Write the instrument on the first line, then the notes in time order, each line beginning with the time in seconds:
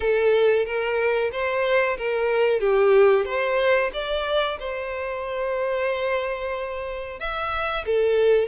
violin
0.00 A4
0.65 A#4
1.32 C5
1.97 A#4
2.60 G4
3.25 C5
3.93 D5
4.59 C5
7.19 E5
7.85 A4